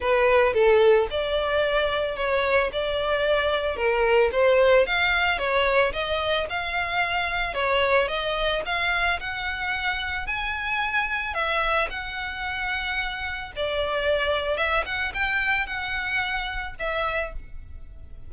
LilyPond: \new Staff \with { instrumentName = "violin" } { \time 4/4 \tempo 4 = 111 b'4 a'4 d''2 | cis''4 d''2 ais'4 | c''4 f''4 cis''4 dis''4 | f''2 cis''4 dis''4 |
f''4 fis''2 gis''4~ | gis''4 e''4 fis''2~ | fis''4 d''2 e''8 fis''8 | g''4 fis''2 e''4 | }